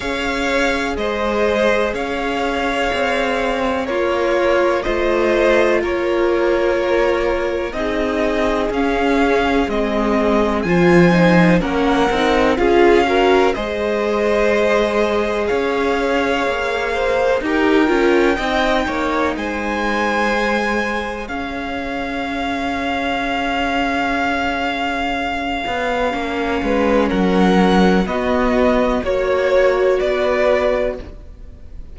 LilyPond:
<<
  \new Staff \with { instrumentName = "violin" } { \time 4/4 \tempo 4 = 62 f''4 dis''4 f''2 | cis''4 dis''4 cis''2 | dis''4 f''4 dis''4 gis''4 | fis''4 f''4 dis''2 |
f''2 g''2 | gis''2 f''2~ | f''1 | fis''4 dis''4 cis''4 d''4 | }
  \new Staff \with { instrumentName = "violin" } { \time 4/4 cis''4 c''4 cis''2 | f'4 c''4 ais'2 | gis'2. c''4 | ais'4 gis'8 ais'8 c''2 |
cis''4. c''8 ais'4 dis''8 cis''8 | c''2 cis''2~ | cis''2.~ cis''8 b'8 | ais'4 fis'4 cis''4 b'4 | }
  \new Staff \with { instrumentName = "viola" } { \time 4/4 gis'1 | ais'4 f'2. | dis'4 cis'4 c'4 f'8 dis'8 | cis'8 dis'8 f'8 fis'8 gis'2~ |
gis'2 g'8 f'8 dis'4~ | dis'4 gis'2.~ | gis'2. cis'4~ | cis'4 b4 fis'2 | }
  \new Staff \with { instrumentName = "cello" } { \time 4/4 cis'4 gis4 cis'4 c'4 | ais4 a4 ais2 | c'4 cis'4 gis4 f4 | ais8 c'8 cis'4 gis2 |
cis'4 ais4 dis'8 cis'8 c'8 ais8 | gis2 cis'2~ | cis'2~ cis'8 b8 ais8 gis8 | fis4 b4 ais4 b4 | }
>>